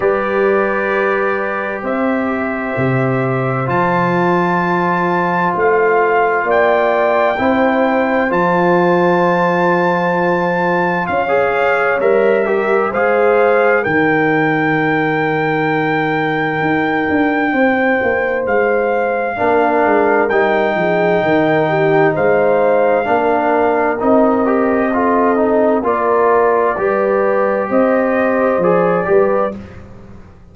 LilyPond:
<<
  \new Staff \with { instrumentName = "trumpet" } { \time 4/4 \tempo 4 = 65 d''2 e''2 | a''2 f''4 g''4~ | g''4 a''2. | f''4 e''4 f''4 g''4~ |
g''1 | f''2 g''2 | f''2 dis''2 | d''2 dis''4 d''4 | }
  \new Staff \with { instrumentName = "horn" } { \time 4/4 b'2 c''2~ | c''2. d''4 | c''1 | cis''4. ais'8 c''4 ais'4~ |
ais'2. c''4~ | c''4 ais'4. gis'8 ais'8 g'8 | c''4 ais'2 a'4 | ais'4 b'4 c''4. b'8 | }
  \new Staff \with { instrumentName = "trombone" } { \time 4/4 g'1 | f'1 | e'4 f'2.~ | f'16 gis'8. ais'8 g'8 gis'4 dis'4~ |
dis'1~ | dis'4 d'4 dis'2~ | dis'4 d'4 dis'8 g'8 f'8 dis'8 | f'4 g'2 gis'8 g'8 | }
  \new Staff \with { instrumentName = "tuba" } { \time 4/4 g2 c'4 c4 | f2 a4 ais4 | c'4 f2. | cis'4 g4 gis4 dis4~ |
dis2 dis'8 d'8 c'8 ais8 | gis4 ais8 gis8 g8 f8 dis4 | gis4 ais4 c'2 | ais4 g4 c'4 f8 g8 | }
>>